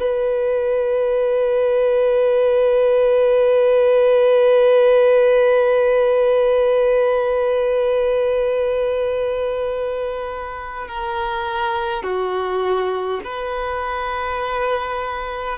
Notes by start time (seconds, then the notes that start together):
0.00 B4
10.88 A#4
12.03 F#4
13.25 B4